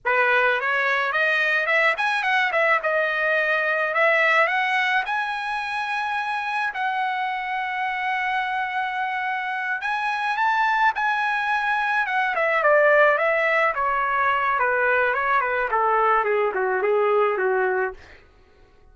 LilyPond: \new Staff \with { instrumentName = "trumpet" } { \time 4/4 \tempo 4 = 107 b'4 cis''4 dis''4 e''8 gis''8 | fis''8 e''8 dis''2 e''4 | fis''4 gis''2. | fis''1~ |
fis''4. gis''4 a''4 gis''8~ | gis''4. fis''8 e''8 d''4 e''8~ | e''8 cis''4. b'4 cis''8 b'8 | a'4 gis'8 fis'8 gis'4 fis'4 | }